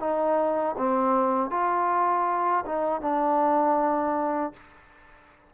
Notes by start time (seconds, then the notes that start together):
0.00 D#4
0.78 C4
1.51 F4
2.66 D#4
3.01 D4